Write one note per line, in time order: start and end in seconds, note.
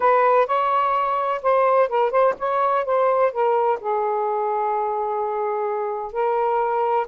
0.00 0.47 B4
0.47 1.41 C#5
1.42 1.88 C5
1.88 2.10 A#4
2.10 2.34 C5
2.39 2.85 C#5
2.85 3.32 C5
3.32 3.79 A#4
3.80 6.12 G#4
6.12 7.06 A#4